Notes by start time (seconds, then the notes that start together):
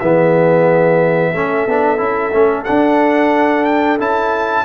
0.00 E3 B3 G#4 E5
1.32 A3 C#4 A4
1.67 B3 D4
1.98 C#4 E4
2.33 A3 C#4
2.65 D4 F#5
3.65 G5
3.99 C#4 E4 A5